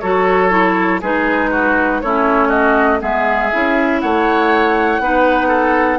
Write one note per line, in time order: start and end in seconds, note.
0.00 1.02 F#3
0.00 0.50 F#4
0.00 1.01 A4
0.00 1.00 C#5
0.50 1.00 E4
1.01 2.02 G#3
1.01 2.03 D#4
1.01 1.50 G#4
1.01 2.01 B4
1.50 2.00 F#4
2.01 3.01 A3
2.01 2.99 C#4
2.01 2.48 E4
2.01 2.50 C#5
2.48 2.98 F#4
2.48 3.00 D#5
2.99 3.51 G#3
2.99 3.49 B3
2.99 4.01 G#4
2.99 4.00 E5
3.52 4.03 C#4
3.52 5.02 E4
4.00 4.99 A3
4.00 5.01 C#5
4.00 5.98 F#5
4.99 5.98 B3
4.99 5.98 D#4
4.99 5.47 B4
5.47 5.97 A4